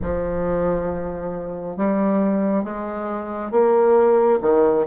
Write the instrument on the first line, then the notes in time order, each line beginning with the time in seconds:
bassoon
0.01 F3
1.76 G3
2.64 G#3
3.51 A#3
4.41 D#3